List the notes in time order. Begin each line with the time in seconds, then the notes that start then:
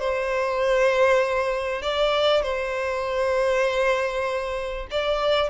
0.00 C5
1.83 D5
2.43 C5
4.91 D5